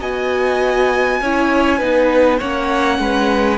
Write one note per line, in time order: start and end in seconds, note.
0.00 1.21 B3
0.00 1.21 F#4
0.00 1.20 D#5
0.00 2.39 G#5
1.21 1.81 C#4
1.21 1.80 E4
1.21 1.79 C#5
1.79 2.41 B3
1.79 2.40 D#4
1.79 2.38 B4
2.38 2.99 A#3
2.38 3.58 C#4
2.38 2.98 C#5
2.38 3.58 F#5
2.99 3.58 G#3
2.99 3.58 B4